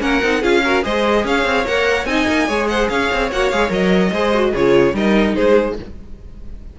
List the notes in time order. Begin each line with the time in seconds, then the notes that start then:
0.00 A#3 C#4 A#4 F#5
0.23 C4 D#4
0.41 C#4 F4 G#4 F5
0.63 F#4 A#4
0.83 G#3 G#4 C5 D#5
1.24 C#4 C#5 F5
1.45 C4
1.67 A#3 A#4 F#5
2.05 C4 D#4 D#5 G#5
2.28 A#3
2.48 G#3 G#4 C#5
2.68 C5 F#5
2.89 C#4 C#5 F5
3.13 C4
3.31 A#3 F#4 F#5
3.50 G#3 G#4 F5
3.70 F#3 A#4 D#5
4.12 G#3 G#4 C5
4.34 F#4
4.51 C#3 F4 G#4 C#5
4.93 G3 D#4 A#4 D#5
5.35 G#3 G#4 C5